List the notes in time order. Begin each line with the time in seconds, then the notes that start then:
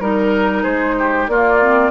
0.00 G3 D#4 A#4
0.63 G#3 G#4 C5
0.99 G4
1.27 A#3 F4 D5
1.61 C4